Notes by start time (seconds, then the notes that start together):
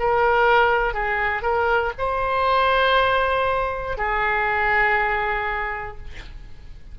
0.00 A#4
0.95 G#4
1.43 A#4
1.99 C5
3.98 G#4